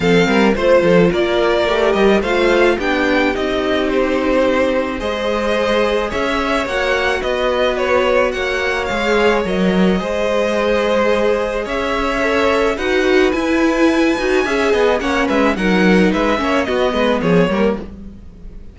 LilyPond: <<
  \new Staff \with { instrumentName = "violin" } { \time 4/4 \tempo 4 = 108 f''4 c''4 d''4. dis''8 | f''4 g''4 dis''4 c''4~ | c''4 dis''2 e''4 | fis''4 dis''4 cis''4 fis''4 |
f''4 dis''2.~ | dis''4 e''2 fis''4 | gis''2. fis''8 e''8 | fis''4 e''4 dis''4 cis''4 | }
  \new Staff \with { instrumentName = "violin" } { \time 4/4 a'8 ais'8 c''8 a'8 ais'2 | c''4 g'2.~ | g'4 c''2 cis''4~ | cis''4 b'2 cis''4~ |
cis''2 c''2~ | c''4 cis''2 b'4~ | b'2 e''8 dis''8 cis''8 b'8 | ais'4 b'8 cis''8 fis'8 b'8 gis'8 ais'8 | }
  \new Staff \with { instrumentName = "viola" } { \time 4/4 c'4 f'2 g'4 | f'4 d'4 dis'2~ | dis'4 gis'2. | fis'1 |
gis'4 ais'4 gis'2~ | gis'2 a'4 fis'4 | e'4. fis'8 gis'4 cis'4 | dis'4. cis'8 b4. ais8 | }
  \new Staff \with { instrumentName = "cello" } { \time 4/4 f8 g8 a8 f8 ais4 a8 g8 | a4 b4 c'2~ | c'4 gis2 cis'4 | ais4 b2 ais4 |
gis4 fis4 gis2~ | gis4 cis'2 dis'4 | e'4. dis'8 cis'8 b8 ais8 gis8 | fis4 gis8 ais8 b8 gis8 f8 g8 | }
>>